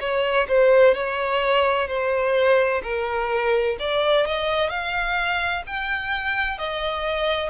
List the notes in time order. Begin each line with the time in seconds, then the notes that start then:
0.00 C#5
0.49 C5
0.95 C#5
1.88 C5
2.83 A#4
3.80 D5
4.26 D#5
4.70 F5
5.67 G5
6.58 D#5